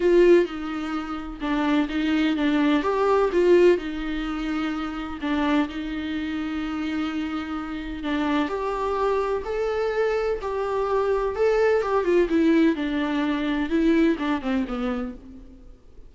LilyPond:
\new Staff \with { instrumentName = "viola" } { \time 4/4 \tempo 4 = 127 f'4 dis'2 d'4 | dis'4 d'4 g'4 f'4 | dis'2. d'4 | dis'1~ |
dis'4 d'4 g'2 | a'2 g'2 | a'4 g'8 f'8 e'4 d'4~ | d'4 e'4 d'8 c'8 b4 | }